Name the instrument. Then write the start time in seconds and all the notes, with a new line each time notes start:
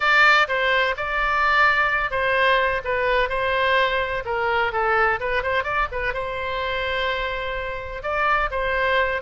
oboe
0.00 D5
0.47 C5
0.96 D5
2.10 C5
2.84 B4
3.29 C5
4.25 A#4
4.72 A4
5.20 B4
5.42 C5
5.63 D5
5.91 B4
6.13 C5
8.03 D5
8.51 C5